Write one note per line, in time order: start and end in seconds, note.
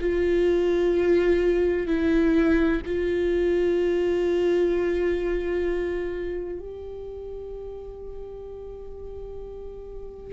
0.00 1.87 F4
1.87 2.81 E4
2.86 6.59 F4
6.59 10.33 G4